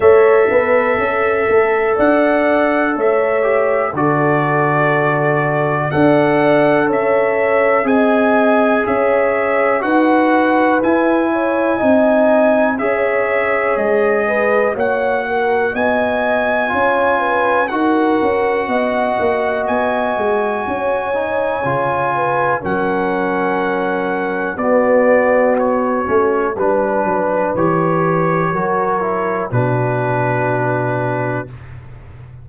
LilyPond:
<<
  \new Staff \with { instrumentName = "trumpet" } { \time 4/4 \tempo 4 = 61 e''2 fis''4 e''4 | d''2 fis''4 e''4 | gis''4 e''4 fis''4 gis''4~ | gis''4 e''4 dis''4 fis''4 |
gis''2 fis''2 | gis''2. fis''4~ | fis''4 d''4 cis''4 b'4 | cis''2 b'2 | }
  \new Staff \with { instrumentName = "horn" } { \time 4/4 cis''8 b'8 a'4 d''4 cis''4 | a'2 d''4 cis''4 | dis''4 cis''4 b'4. cis''8 | dis''4 cis''4. b'8 cis''8 ais'8 |
dis''4 cis''8 b'8 ais'4 dis''4~ | dis''4 cis''4. b'8 ais'4~ | ais'4 fis'2 b'4~ | b'4 ais'4 fis'2 | }
  \new Staff \with { instrumentName = "trombone" } { \time 4/4 a'2.~ a'8 g'8 | fis'2 a'2 | gis'2 fis'4 e'4 | dis'4 gis'2 fis'4~ |
fis'4 f'4 fis'2~ | fis'4. dis'8 f'4 cis'4~ | cis'4 b4. cis'8 d'4 | g'4 fis'8 e'8 d'2 | }
  \new Staff \with { instrumentName = "tuba" } { \time 4/4 a8 b8 cis'8 a8 d'4 a4 | d2 d'4 cis'4 | c'4 cis'4 dis'4 e'4 | c'4 cis'4 gis4 ais4 |
b4 cis'4 dis'8 cis'8 b8 ais8 | b8 gis8 cis'4 cis4 fis4~ | fis4 b4. a8 g8 fis8 | e4 fis4 b,2 | }
>>